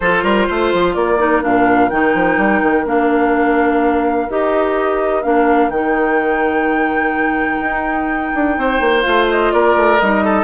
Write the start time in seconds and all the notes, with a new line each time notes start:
0.00 F3 F4 A4 C5
0.23 G3 A#4
0.48 A3 C5
0.73 F3
0.94 A#3 A#4 D5
1.19 D#4
1.42 A#2 D4 F5
1.89 D#3 D#4 G5
2.14 F3
2.37 G3
2.62 D#3
2.85 A#3 D4 F5
4.29 D#4 G4 D#5
5.22 A#3 D4 F5
5.69 D#3 D#4 G5
7.60 D#4
8.34 D4
8.57 C4 C5
8.80 A#3
9.02 A3 F4 F5
9.29 D#5
9.52 A#3 A#4 D5
9.76 A3
9.99 G3 D#4 D#5
10.24 A4